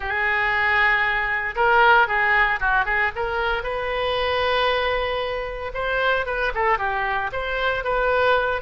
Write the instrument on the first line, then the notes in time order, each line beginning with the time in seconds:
oboe
0.00 G#4
1.55 A#4
2.07 G#4
2.60 F#4
2.85 G#4
3.15 A#4
3.63 B4
5.73 C5
6.26 B4
6.54 A4
6.78 G4
7.32 C5
7.84 B4